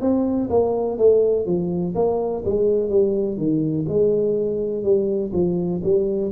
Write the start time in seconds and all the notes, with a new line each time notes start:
0.00 C4
0.49 A#3
0.97 A3
1.45 F3
1.94 A#3
2.45 G#3
2.89 G3
3.37 D#3
3.88 G#3
4.83 G3
5.33 F3
5.83 G3